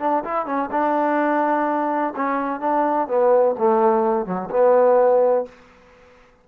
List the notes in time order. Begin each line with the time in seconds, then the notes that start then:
0.00 D4
0.24 E4
0.46 C#4
0.71 D4
2.16 C#4
2.60 D4
3.08 B3
3.58 A3
4.26 F#3
4.50 B3